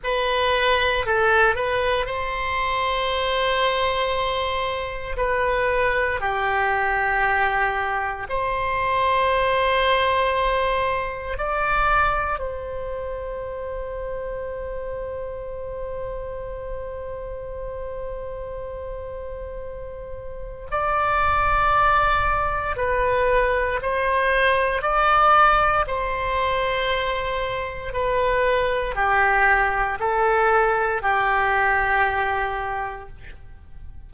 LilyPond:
\new Staff \with { instrumentName = "oboe" } { \time 4/4 \tempo 4 = 58 b'4 a'8 b'8 c''2~ | c''4 b'4 g'2 | c''2. d''4 | c''1~ |
c''1 | d''2 b'4 c''4 | d''4 c''2 b'4 | g'4 a'4 g'2 | }